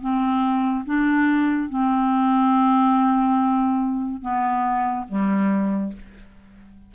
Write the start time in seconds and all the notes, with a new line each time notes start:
0.00 C4
0.85 D4
1.69 C4
4.21 B3
5.08 G3